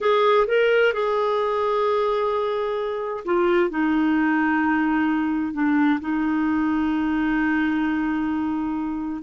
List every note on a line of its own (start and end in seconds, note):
0.00 0.46 G#4
0.47 0.93 A#4
0.93 3.24 G#4
3.25 3.69 F4
3.69 5.53 D#4
5.53 5.99 D4
6.00 9.22 D#4